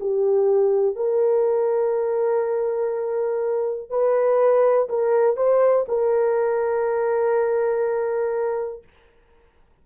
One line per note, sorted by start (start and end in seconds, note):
0.00 0.96 G4
0.96 3.89 A#4
3.89 4.88 B4
4.89 5.36 A#4
5.36 5.85 C5
5.88 8.83 A#4